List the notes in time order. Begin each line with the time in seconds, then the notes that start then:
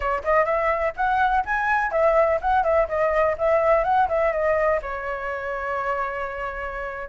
0.00 C#5
0.24 D#5
0.45 E5
0.96 F#5
1.45 G#5
1.91 E5
2.41 F#5
2.63 E5
2.88 D#5
3.38 E5
3.84 F#5
4.08 E5
4.32 D#5
4.82 C#5